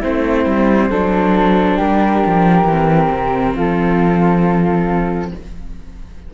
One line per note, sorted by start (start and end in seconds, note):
0.00 0.46 A3
0.00 0.91 C4
0.00 0.88 E4
0.00 1.79 C5
0.46 0.90 G3
0.90 1.78 F#3
0.90 2.68 D4
0.90 1.77 A4
1.77 2.24 G3
1.77 3.53 G4
1.77 3.56 A#4
2.26 2.64 F3
2.64 3.08 E3
2.64 5.34 C4
3.10 3.55 C3
3.55 5.32 F3
3.55 5.31 F4
3.55 5.33 A4